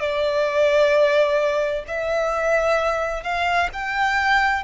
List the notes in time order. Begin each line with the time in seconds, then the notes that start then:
0.00 D5
1.88 E5
3.23 F5
3.73 G5